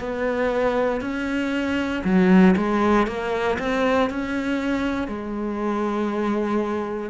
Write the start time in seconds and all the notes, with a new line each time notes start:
0.00 B3
1.01 C#4
2.04 F#3
2.57 G#3
3.07 A#3
3.60 C4
4.10 C#4
5.08 G#3